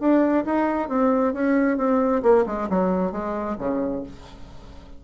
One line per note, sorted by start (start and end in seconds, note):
0.00 0.45 D4
0.46 0.89 D#4
0.89 1.34 C4
1.34 1.78 C#4
1.78 2.22 C4
2.23 2.45 A#3
2.47 2.69 G#3
2.70 3.12 F#3
3.12 3.57 G#3
3.58 4.03 C#3